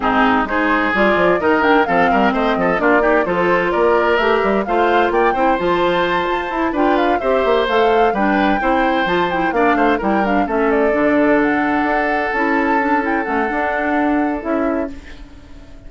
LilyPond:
<<
  \new Staff \with { instrumentName = "flute" } { \time 4/4 \tempo 4 = 129 gis'4 c''4 d''4 dis''8 g''8 | f''4 dis''4 d''4 c''4 | d''4 e''4 f''4 g''4 | a''2~ a''8 g''8 f''8 e''8~ |
e''8 f''4 g''2 a''8 | g''8 f''4 g''8 f''8 e''8 d''4~ | d''8 fis''2 a''4. | g''8 fis''2~ fis''8 e''4 | }
  \new Staff \with { instrumentName = "oboe" } { \time 4/4 dis'4 gis'2 ais'4 | a'8 ais'8 c''8 a'8 f'8 g'8 a'4 | ais'2 c''4 d''8 c''8~ | c''2~ c''8 b'4 c''8~ |
c''4. b'4 c''4.~ | c''8 d''8 c''8 ais'4 a'4.~ | a'1~ | a'1 | }
  \new Staff \with { instrumentName = "clarinet" } { \time 4/4 c'4 dis'4 f'4 dis'8 d'8 | c'2 d'8 dis'8 f'4~ | f'4 g'4 f'4. e'8 | f'2 e'8 f'4 g'8~ |
g'8 a'4 d'4 e'4 f'8 | e'8 d'4 e'8 d'8 cis'4 d'8~ | d'2~ d'8 e'4 d'8 | e'8 cis'8 d'2 e'4 | }
  \new Staff \with { instrumentName = "bassoon" } { \time 4/4 gis,4 gis4 g8 f8 dis4 | f8 g8 a8 f8 ais4 f4 | ais4 a8 g8 a4 ais8 c'8 | f4. f'8 e'8 d'4 c'8 |
ais8 a4 g4 c'4 f8~ | f8 ais8 a8 g4 a4 d8~ | d4. d'4 cis'4.~ | cis'8 a8 d'2 cis'4 | }
>>